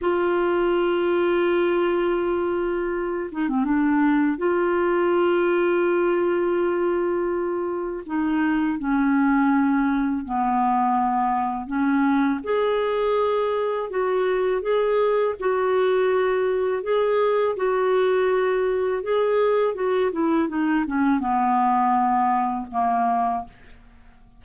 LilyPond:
\new Staff \with { instrumentName = "clarinet" } { \time 4/4 \tempo 4 = 82 f'1~ | f'8 dis'16 c'16 d'4 f'2~ | f'2. dis'4 | cis'2 b2 |
cis'4 gis'2 fis'4 | gis'4 fis'2 gis'4 | fis'2 gis'4 fis'8 e'8 | dis'8 cis'8 b2 ais4 | }